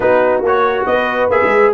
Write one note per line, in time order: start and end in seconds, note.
0.00 0.41 B3
0.00 0.43 D#4
0.00 0.87 F#4
0.00 0.42 B4
0.41 0.85 A#3
0.41 1.31 F#4
0.41 0.86 C#5
0.86 1.29 B3
0.86 1.73 B4
0.86 1.29 D#5
1.29 1.40 A#3
1.29 1.73 G#4
1.29 1.73 E5
1.43 1.73 G#3